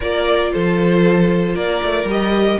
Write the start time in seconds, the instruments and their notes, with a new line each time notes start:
0.00 cello A#3, viola F4, violin A#4 D5
0.52 cello F3, violin A4 C5
1.54 cello A#3, violin A#4 D5
1.82 cello A3
2.04 cello G3, viola G4
2.10 violin D#5